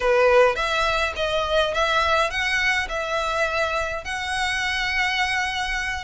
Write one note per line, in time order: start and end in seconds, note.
0.00 0.55 B4
0.55 1.13 E5
1.16 1.73 D#5
1.74 2.30 E5
2.30 2.88 F#5
2.88 4.04 E5
4.04 6.04 F#5